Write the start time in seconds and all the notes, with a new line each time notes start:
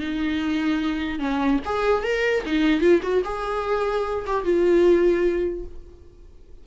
0.00 D#4
1.19 C#4
1.65 G#4
2.03 A#4
2.45 D#4
2.81 F4
3.02 F#4
3.24 G#4
4.26 G4
4.44 F4